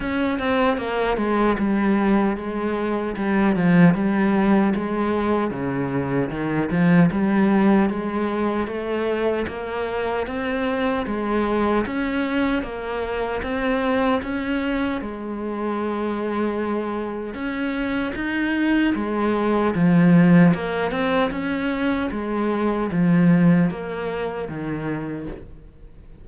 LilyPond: \new Staff \with { instrumentName = "cello" } { \time 4/4 \tempo 4 = 76 cis'8 c'8 ais8 gis8 g4 gis4 | g8 f8 g4 gis4 cis4 | dis8 f8 g4 gis4 a4 | ais4 c'4 gis4 cis'4 |
ais4 c'4 cis'4 gis4~ | gis2 cis'4 dis'4 | gis4 f4 ais8 c'8 cis'4 | gis4 f4 ais4 dis4 | }